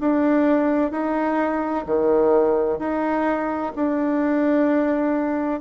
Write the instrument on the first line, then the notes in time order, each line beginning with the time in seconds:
bassoon
0.00 D4
0.91 D#4
1.86 D#3
2.79 D#4
3.76 D4